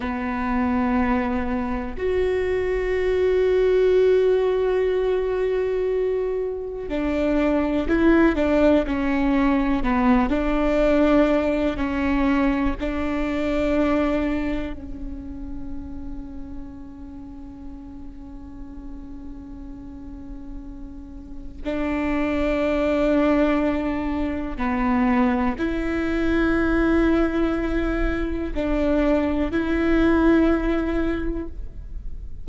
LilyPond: \new Staff \with { instrumentName = "viola" } { \time 4/4 \tempo 4 = 61 b2 fis'2~ | fis'2. d'4 | e'8 d'8 cis'4 b8 d'4. | cis'4 d'2 cis'4~ |
cis'1~ | cis'2 d'2~ | d'4 b4 e'2~ | e'4 d'4 e'2 | }